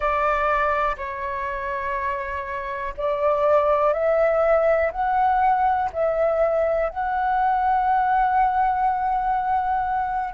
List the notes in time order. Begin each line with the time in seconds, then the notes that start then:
0.00 D5
0.97 C#5
2.97 D5
3.93 E5
4.91 F#5
5.92 E5
6.89 F#5